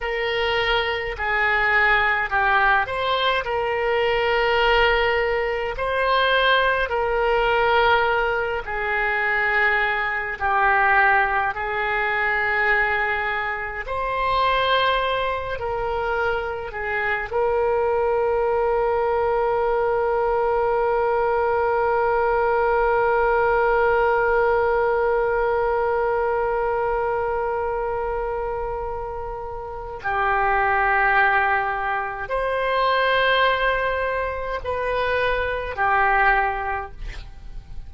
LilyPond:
\new Staff \with { instrumentName = "oboe" } { \time 4/4 \tempo 4 = 52 ais'4 gis'4 g'8 c''8 ais'4~ | ais'4 c''4 ais'4. gis'8~ | gis'4 g'4 gis'2 | c''4. ais'4 gis'8 ais'4~ |
ais'1~ | ais'1~ | ais'2 g'2 | c''2 b'4 g'4 | }